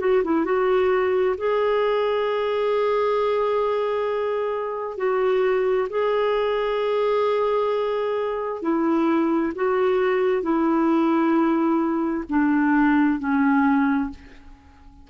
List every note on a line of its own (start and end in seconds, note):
0.00 0.23 F#4
0.24 0.45 E4
0.45 1.36 F#4
1.38 4.98 G#4
4.98 5.88 F#4
5.90 8.62 G#4
8.62 9.53 E4
9.55 10.43 F#4
10.43 12.24 E4
12.30 13.19 D4
13.19 14.10 C#4